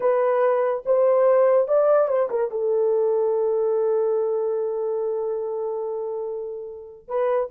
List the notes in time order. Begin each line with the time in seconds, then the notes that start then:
0.00 B4
0.85 C5
1.68 D5
2.08 C5
2.29 A#4
2.50 A4
7.08 B4